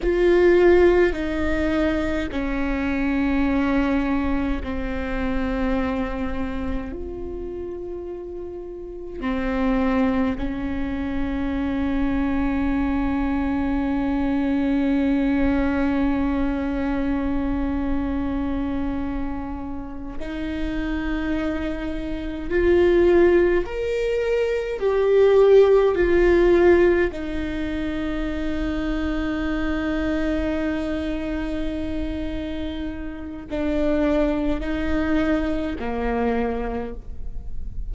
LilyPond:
\new Staff \with { instrumentName = "viola" } { \time 4/4 \tempo 4 = 52 f'4 dis'4 cis'2 | c'2 f'2 | c'4 cis'2.~ | cis'1~ |
cis'4. dis'2 f'8~ | f'8 ais'4 g'4 f'4 dis'8~ | dis'1~ | dis'4 d'4 dis'4 ais4 | }